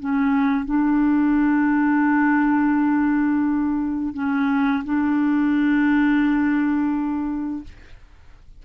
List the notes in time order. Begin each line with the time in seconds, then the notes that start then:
0.00 C#4
0.65 D4
4.14 C#4
4.85 D4